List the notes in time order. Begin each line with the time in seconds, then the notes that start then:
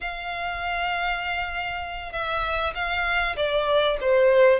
0.01 F5
2.12 E5
2.74 F5
3.36 D5
4.00 C5